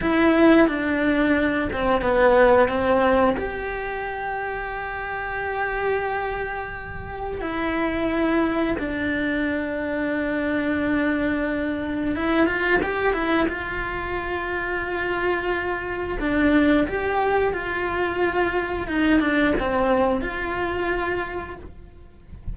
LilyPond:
\new Staff \with { instrumentName = "cello" } { \time 4/4 \tempo 4 = 89 e'4 d'4. c'8 b4 | c'4 g'2.~ | g'2. e'4~ | e'4 d'2.~ |
d'2 e'8 f'8 g'8 e'8 | f'1 | d'4 g'4 f'2 | dis'8 d'8 c'4 f'2 | }